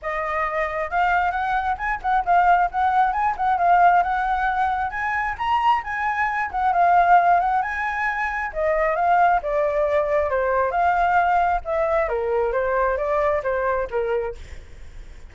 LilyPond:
\new Staff \with { instrumentName = "flute" } { \time 4/4 \tempo 4 = 134 dis''2 f''4 fis''4 | gis''8 fis''8 f''4 fis''4 gis''8 fis''8 | f''4 fis''2 gis''4 | ais''4 gis''4. fis''8 f''4~ |
f''8 fis''8 gis''2 dis''4 | f''4 d''2 c''4 | f''2 e''4 ais'4 | c''4 d''4 c''4 ais'4 | }